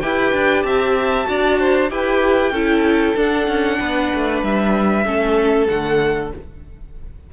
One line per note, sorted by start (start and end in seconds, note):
0.00 0.32 E4
0.00 1.24 G4
0.00 0.66 B4
0.00 0.63 G5
0.32 0.64 D4
0.63 1.27 C4
0.63 1.29 E5
0.63 1.89 A5
1.24 1.91 D4
1.24 1.87 F#4
1.24 1.59 D5
1.59 1.91 C5
1.90 2.51 E4
1.90 2.53 G4
1.90 2.52 B4
1.90 3.17 G5
2.51 3.14 C#4
2.51 3.16 E4
2.51 3.79 A4
3.16 5.05 D4
3.16 3.48 D4
3.16 4.44 F#5
3.48 3.79 C#4
3.79 4.12 B3
3.79 5.05 B4
4.15 4.43 A3
4.43 5.05 G3
4.43 5.67 E5
5.05 5.68 A3
5.05 5.68 C#4
5.05 6.33 A4
5.67 6.32 D3
5.67 6.33 A3
5.67 6.30 F#5